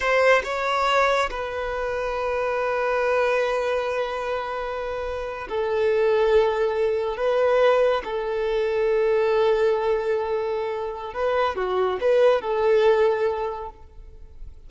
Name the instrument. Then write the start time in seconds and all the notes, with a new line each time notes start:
violin
0.00 C5
0.43 C#5
1.30 B4
5.49 A4
7.16 B4
8.04 A4
11.13 B4
11.55 F#4
12.00 B4
12.41 A4